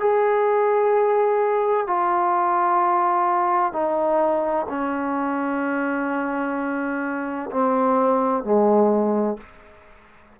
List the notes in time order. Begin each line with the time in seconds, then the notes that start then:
0.00 G#4
1.87 F4
3.72 D#4
4.69 C#4
7.50 C4
8.44 G#3